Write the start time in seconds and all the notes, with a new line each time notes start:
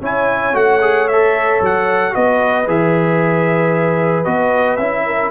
0.00 C#4 E4 C#5 G#5
0.53 A3 F#4 F#5
0.81 G#4
1.08 A4 E5
1.60 F#3 F#5
2.10 B3 F#4 B4 D#5
2.67 E3 G#4 E5
4.24 B3 F#4 D#5
4.76 C#4 E4 E5
5.05 A#4